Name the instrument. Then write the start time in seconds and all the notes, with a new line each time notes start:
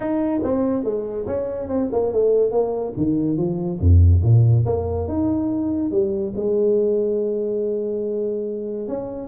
tuba
0.00 D#4
0.43 C4
0.84 G#3
1.26 C#4
1.68 C4
1.91 A#3
2.12 A3
2.51 A#3
2.96 D#3
3.37 F3
3.79 F2
4.22 A#2
4.65 A#3
5.08 D#4
5.91 G3
6.36 G#3
8.88 C#4